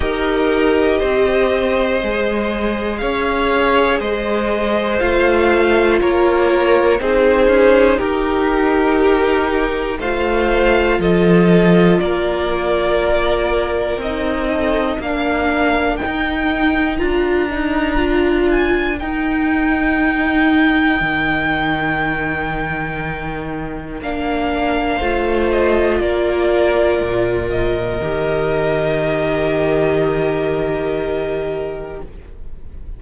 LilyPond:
<<
  \new Staff \with { instrumentName = "violin" } { \time 4/4 \tempo 4 = 60 dis''2. f''4 | dis''4 f''4 cis''4 c''4 | ais'2 f''4 dis''4 | d''2 dis''4 f''4 |
g''4 ais''4. gis''8 g''4~ | g''1 | f''4. dis''8 d''4. dis''8~ | dis''1 | }
  \new Staff \with { instrumentName = "violin" } { \time 4/4 ais'4 c''2 cis''4 | c''2 ais'4 gis'4 | g'2 c''4 a'4 | ais'2~ ais'8 a'8 ais'4~ |
ais'1~ | ais'1~ | ais'4 c''4 ais'2~ | ais'1 | }
  \new Staff \with { instrumentName = "viola" } { \time 4/4 g'2 gis'2~ | gis'4 f'2 dis'4~ | dis'2 f'2~ | f'2 dis'4 d'4 |
dis'4 f'8 dis'8 f'4 dis'4~ | dis'1 | d'4 f'2. | g'1 | }
  \new Staff \with { instrumentName = "cello" } { \time 4/4 dis'4 c'4 gis4 cis'4 | gis4 a4 ais4 c'8 cis'8 | dis'2 a4 f4 | ais2 c'4 ais4 |
dis'4 d'2 dis'4~ | dis'4 dis2. | ais4 a4 ais4 ais,4 | dis1 | }
>>